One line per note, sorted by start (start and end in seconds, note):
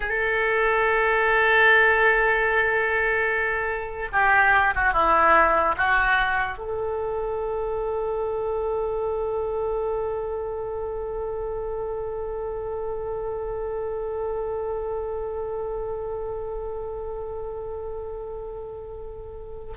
0.00 4.08 A4
4.12 4.73 G4
4.74 4.93 F#4
4.93 5.75 E4
5.77 6.58 F#4
6.58 19.73 A4